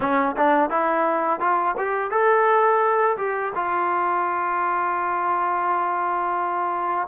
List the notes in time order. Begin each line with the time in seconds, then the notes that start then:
0.00 C#4
0.37 D4
0.70 E4
1.39 F4
1.77 G4
2.10 A4
3.17 G4
3.55 F4